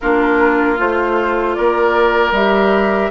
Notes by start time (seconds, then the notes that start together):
0.00 A#3 D4 F4 A#4
0.76 A3 F4 C5
1.54 A#3 A#4 D5
2.31 G3 G4 E5